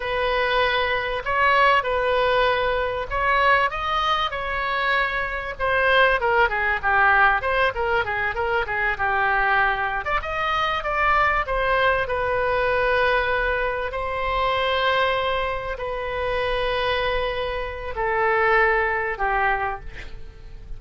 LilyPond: \new Staff \with { instrumentName = "oboe" } { \time 4/4 \tempo 4 = 97 b'2 cis''4 b'4~ | b'4 cis''4 dis''4 cis''4~ | cis''4 c''4 ais'8 gis'8 g'4 | c''8 ais'8 gis'8 ais'8 gis'8 g'4.~ |
g'16 d''16 dis''4 d''4 c''4 b'8~ | b'2~ b'8 c''4.~ | c''4. b'2~ b'8~ | b'4 a'2 g'4 | }